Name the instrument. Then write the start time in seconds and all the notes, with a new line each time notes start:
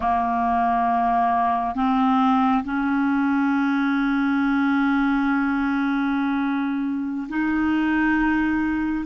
clarinet
0.00 A#3
1.75 C4
2.64 C#4
7.28 D#4